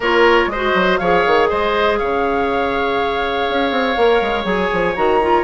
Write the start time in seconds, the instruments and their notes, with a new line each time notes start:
0.00 bassoon A#3, clarinet F4, oboe A#4, flute C#5
0.47 bassoon G#3, oboe C5, flute D#5
0.54 clarinet F#4
0.74 bassoon F#3
0.97 bassoon F3, clarinet G#4, oboe C#5, flute F5
1.26 bassoon D#3
1.48 bassoon G#3, oboe C5, flute D#5
1.98 bassoon C#3, oboe C#5, flute F5
3.48 bassoon C#4
3.70 bassoon C4
3.97 bassoon A#3, clarinet A#4
4.21 bassoon G#3
4.44 bassoon F#3, clarinet G#4, flute G#5
4.72 bassoon F3
4.95 bassoon D#3, clarinet F#4, flute A#5
5.22 clarinet F4